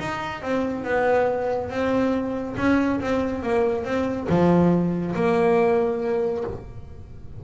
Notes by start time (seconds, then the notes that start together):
0.00 D#4
0.42 C4
0.85 B3
1.70 C4
2.58 C#4
3.01 C4
3.43 A#3
3.85 C4
4.30 F3
5.16 A#3